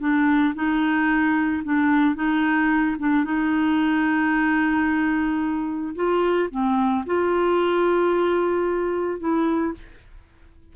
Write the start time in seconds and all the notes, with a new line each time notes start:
0.00 D4
0.55 D#4
1.64 D4
2.15 D#4
2.99 D4
3.25 D#4
5.95 F4
6.51 C4
7.06 F4
9.20 E4